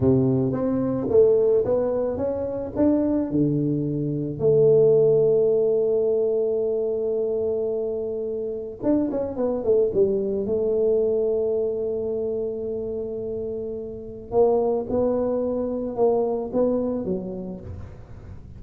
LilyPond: \new Staff \with { instrumentName = "tuba" } { \time 4/4 \tempo 4 = 109 c4 c'4 a4 b4 | cis'4 d'4 d2 | a1~ | a1 |
d'8 cis'8 b8 a8 g4 a4~ | a1~ | a2 ais4 b4~ | b4 ais4 b4 fis4 | }